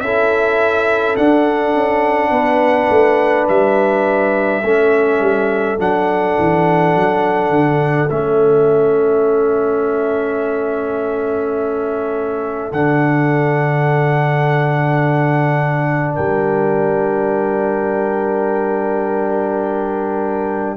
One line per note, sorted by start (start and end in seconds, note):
0.00 1.16 C#4
0.00 1.17 E4
0.00 2.31 A4
0.00 1.15 E5
1.16 4.63 D4
1.16 1.74 D4
1.16 3.47 F#5
1.74 2.30 C#4
2.30 2.88 B3
2.30 4.61 B4
2.90 3.47 A3
3.48 4.62 G3
3.48 5.79 E5
4.62 5.19 A3
4.62 5.78 C#4
4.62 16.14 A4
5.19 5.77 G3
5.78 6.37 F#3
5.78 8.09 D4
5.78 8.09 F#5
6.38 6.95 E3
6.95 7.49 F#3
7.49 8.07 D3
8.09 12.72 A3
8.09 12.72 C#4
8.09 12.71 E5
12.72 16.18 D3
12.72 20.77 D4
12.72 16.15 F#5
16.14 20.77 G3
16.14 20.76 A#4
16.14 20.76 G5